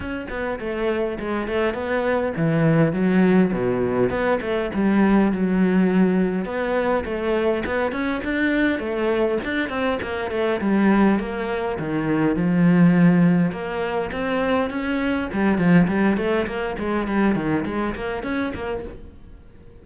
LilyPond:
\new Staff \with { instrumentName = "cello" } { \time 4/4 \tempo 4 = 102 cis'8 b8 a4 gis8 a8 b4 | e4 fis4 b,4 b8 a8 | g4 fis2 b4 | a4 b8 cis'8 d'4 a4 |
d'8 c'8 ais8 a8 g4 ais4 | dis4 f2 ais4 | c'4 cis'4 g8 f8 g8 a8 | ais8 gis8 g8 dis8 gis8 ais8 cis'8 ais8 | }